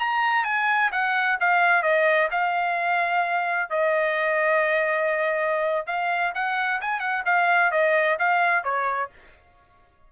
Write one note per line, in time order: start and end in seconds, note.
0.00 0.45 A#5
0.45 0.91 G#5
0.92 1.38 F#5
1.41 1.83 F5
1.83 2.29 D#5
2.32 3.70 F5
3.70 5.87 D#5
5.87 6.33 F5
6.35 6.81 F#5
6.81 7.00 G#5
7.00 7.23 F#5
7.26 7.72 F5
7.72 8.18 D#5
8.19 8.64 F5
8.64 9.10 C#5